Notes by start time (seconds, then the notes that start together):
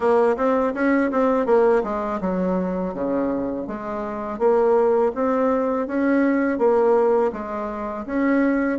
0.00 A#3
0.36 C4
0.74 C#4
1.11 C4
1.46 A#3
1.83 G#3
2.20 F#3
2.94 C#3
3.67 G#3
4.39 A#3
5.14 C4
5.87 C#4
6.58 A#3
7.32 G#3
8.06 C#4